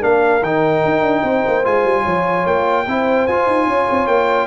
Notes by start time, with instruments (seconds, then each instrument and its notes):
0.00 tuba A#3, trombone D4, horn A#4, trumpet F5
0.42 tuba D#3, trombone D#4, trumpet G5
0.85 tuba D#4
1.02 tuba D4
1.23 tuba C4, horn C5
1.47 tuba A#3
1.64 tuba G#3, trombone F4, trumpet G#5
1.84 tuba G3
2.03 tuba F3, horn C#5
2.46 tuba A#3, trumpet G5
2.86 tuba C4, trombone E4, horn C5
3.27 tuba F4, trombone F4, trumpet G#5
3.47 tuba D#4
3.67 tuba C#4, horn C#5
3.90 tuba C4
4.07 tuba A#3, trumpet G5